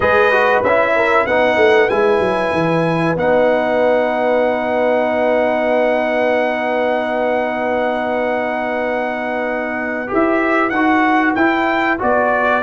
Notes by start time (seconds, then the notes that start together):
0.00 G#3 G#4 B4 D#5
0.31 F#4
0.62 C#4 E4 E5
0.95 A#4
1.26 B3 D#4 B4 F#5
1.56 A3
1.89 G#3 E4 G#5
2.19 F#3
2.52 E3
3.16 B3 D#4 F#5
10.07 E4 G4
10.13 E5
10.69 D#4 F#5
10.75 F#4
11.34 E4 G5
11.98 B3 F#4 D5